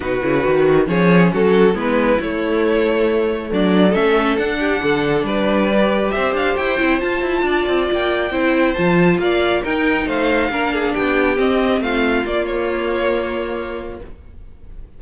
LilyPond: <<
  \new Staff \with { instrumentName = "violin" } { \time 4/4 \tempo 4 = 137 b'2 cis''4 a'4 | b'4 cis''2. | d''4 e''4 fis''2 | d''2 e''8 f''8 g''4 |
a''2 g''2 | a''4 f''4 g''4 f''4~ | f''4 g''4 dis''4 f''4 | d''8 cis''2.~ cis''8 | }
  \new Staff \with { instrumentName = "violin" } { \time 4/4 fis'2 gis'4 fis'4 | e'1 | d'4 a'4. g'8 a'4 | b'2 c''2~ |
c''4 d''2 c''4~ | c''4 d''4 ais'4 c''4 | ais'8 gis'8 g'2 f'4~ | f'1 | }
  \new Staff \with { instrumentName = "viola" } { \time 4/4 dis'8 e'8 fis'4 cis'2 | b4 a2.~ | a4 cis'4 d'2~ | d'4 g'2~ g'8 e'8 |
f'2. e'4 | f'2 dis'2 | d'2 c'2 | ais1 | }
  \new Staff \with { instrumentName = "cello" } { \time 4/4 b,8 cis8 dis4 f4 fis4 | gis4 a2. | fis4 a4 d'4 d4 | g2 c'8 d'8 e'8 c'8 |
f'8 e'8 d'8 c'8 ais4 c'4 | f4 ais4 dis'4 a4 | ais4 b4 c'4 a4 | ais1 | }
>>